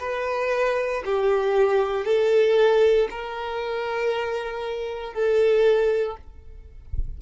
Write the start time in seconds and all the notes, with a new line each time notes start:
0.00 B4
1.05 G4
2.05 A4
3.11 A#4
5.14 A4